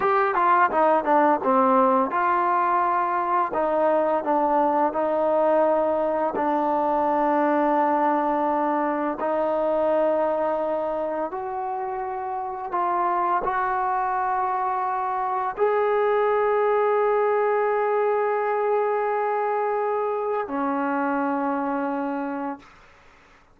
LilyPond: \new Staff \with { instrumentName = "trombone" } { \time 4/4 \tempo 4 = 85 g'8 f'8 dis'8 d'8 c'4 f'4~ | f'4 dis'4 d'4 dis'4~ | dis'4 d'2.~ | d'4 dis'2. |
fis'2 f'4 fis'4~ | fis'2 gis'2~ | gis'1~ | gis'4 cis'2. | }